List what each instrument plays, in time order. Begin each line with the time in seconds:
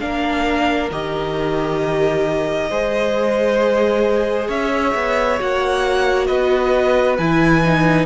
0.00 cello A#3, viola D4, violin A#4 F5
0.91 cello D#3, viola G4, violin D#5
2.70 cello G#3, viola G#4, violin C5
4.48 cello C#4, violin C#5 E5
4.94 cello B3
5.39 cello A#3, viola F#4, violin F#5
6.27 cello B3, violin B4 D#5
7.18 cello E3, viola E4, violin G#5
7.64 viola D#4